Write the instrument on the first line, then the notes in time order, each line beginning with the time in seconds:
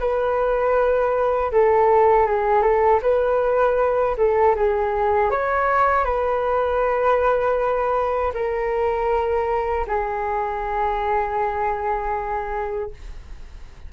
flute
0.00 B4
1.52 A4
2.27 G#4
2.63 A4
3.02 B4
4.18 A4
4.56 G#4
5.31 C#5
6.05 B4
8.34 A#4
9.87 G#4